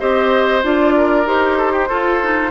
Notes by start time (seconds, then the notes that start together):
0.00 C4 G4 C5 D#5
0.63 D4 F4 D5
0.97 A#4
1.26 D#4 G4 C5
1.58 A4
1.73 G4
1.89 F4 A4
2.22 D#4